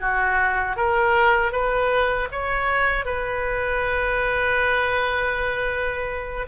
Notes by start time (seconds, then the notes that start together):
0.00 F#4
0.76 A#4
1.52 B4
2.31 C#5
3.05 B4